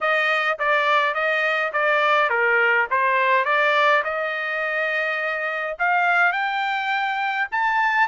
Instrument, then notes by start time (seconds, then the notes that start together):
trumpet
0.01 D#5
0.58 D5
1.14 D#5
1.73 D5
2.29 A#4
2.90 C5
3.45 D5
4.04 D#5
5.78 F5
6.32 G5
7.51 A5